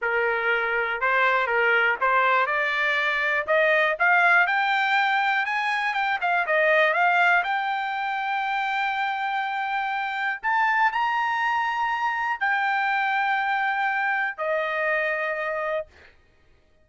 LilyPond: \new Staff \with { instrumentName = "trumpet" } { \time 4/4 \tempo 4 = 121 ais'2 c''4 ais'4 | c''4 d''2 dis''4 | f''4 g''2 gis''4 | g''8 f''8 dis''4 f''4 g''4~ |
g''1~ | g''4 a''4 ais''2~ | ais''4 g''2.~ | g''4 dis''2. | }